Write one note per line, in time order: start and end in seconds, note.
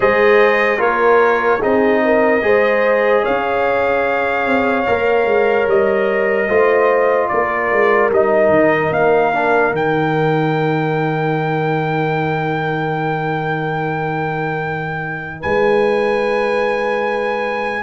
0.00 0.78 G#3
0.00 0.78 G#4
0.00 0.78 C5
0.00 0.80 D#5
0.78 1.59 A#3
0.78 1.59 F4
0.78 1.59 A#4
0.78 1.61 C#5
1.59 2.42 C4
1.59 2.42 D#4
1.59 2.00 G#4
1.59 3.24 D#5
2.05 2.45 A#4
2.42 3.23 G#3
2.42 4.85 G#4
2.42 3.22 C5
3.22 4.46 C#4
3.22 6.47 C#5
3.22 5.68 F5
4.46 4.86 C4
4.86 5.25 A#3
4.86 6.49 A#4
5.25 5.66 G#3
5.67 6.48 G3
5.67 7.28 D#5
6.48 7.29 A3
6.48 8.11 F4
6.48 7.29 C5
7.28 7.72 A#3
7.28 15.40 A#4
7.28 8.09 D5
7.72 8.10 G#3
8.10 8.49 G3
8.10 9.33 D#4
8.10 8.93 D#5
8.49 8.89 D#3
8.90 9.71 A#3
8.90 9.74 F5
9.33 9.72 D4
9.71 15.39 D#3
9.71 17.83 D#4
9.71 15.42 G5
15.40 17.83 G#3
15.40 17.83 B4
15.40 17.83 G#5